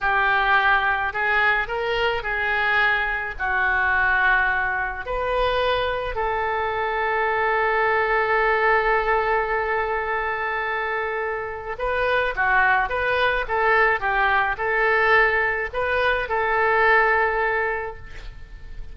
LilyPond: \new Staff \with { instrumentName = "oboe" } { \time 4/4 \tempo 4 = 107 g'2 gis'4 ais'4 | gis'2 fis'2~ | fis'4 b'2 a'4~ | a'1~ |
a'1~ | a'4 b'4 fis'4 b'4 | a'4 g'4 a'2 | b'4 a'2. | }